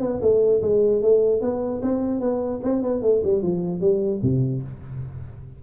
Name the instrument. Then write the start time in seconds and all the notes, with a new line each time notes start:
tuba
0.00 B3
0.21 A3
0.62 G#3
1.01 A3
1.41 B3
1.82 C4
2.20 B3
2.63 C4
2.82 B3
3.02 A3
3.23 G3
3.42 F3
3.80 G3
4.22 C3